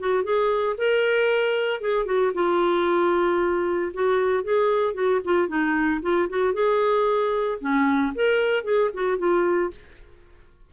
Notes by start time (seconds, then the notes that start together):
0.00 F#4
0.24 G#4
0.78 A#4
1.81 G#4
2.06 F#4
2.34 F4
3.94 F#4
4.44 G#4
4.95 F#4
5.25 F4
5.49 D#4
6.03 F4
6.30 F#4
6.54 G#4
7.61 C#4
8.15 A#4
8.65 G#4
8.94 F#4
9.19 F4